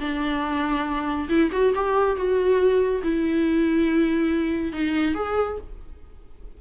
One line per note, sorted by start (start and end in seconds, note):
0.00 1.29 D4
1.29 1.51 E4
1.52 1.74 F#4
1.75 2.16 G4
2.16 3.02 F#4
3.04 4.73 E4
4.73 5.15 D#4
5.15 5.58 G#4